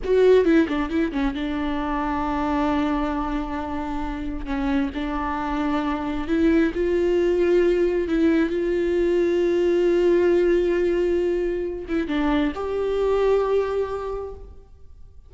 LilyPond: \new Staff \with { instrumentName = "viola" } { \time 4/4 \tempo 4 = 134 fis'4 e'8 d'8 e'8 cis'8 d'4~ | d'1~ | d'2 cis'4 d'4~ | d'2 e'4 f'4~ |
f'2 e'4 f'4~ | f'1~ | f'2~ f'8 e'8 d'4 | g'1 | }